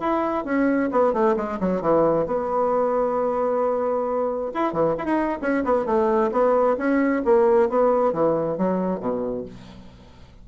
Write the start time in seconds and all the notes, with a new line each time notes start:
0.00 E4
0.45 C#4
0.91 B3
1.13 A3
1.36 G#3
1.60 F#3
1.81 E3
2.26 B3
4.54 E4
4.73 E3
4.98 E4
5.05 D#4
5.42 C#4
5.65 B3
5.86 A3
6.32 B3
6.77 C#4
7.25 A#3
7.69 B3
8.13 E3
8.58 F#3
9.00 B2